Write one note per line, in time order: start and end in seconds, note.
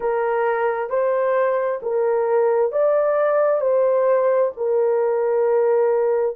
0.00 0.89 A#4
0.89 1.80 C5
1.82 2.71 A#4
2.71 3.60 D5
3.60 4.51 C5
4.57 6.36 A#4